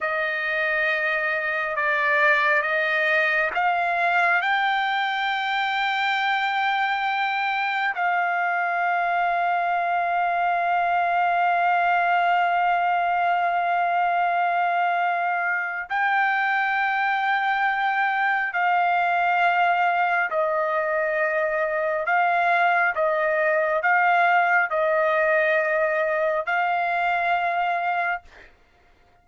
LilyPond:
\new Staff \with { instrumentName = "trumpet" } { \time 4/4 \tempo 4 = 68 dis''2 d''4 dis''4 | f''4 g''2.~ | g''4 f''2.~ | f''1~ |
f''2 g''2~ | g''4 f''2 dis''4~ | dis''4 f''4 dis''4 f''4 | dis''2 f''2 | }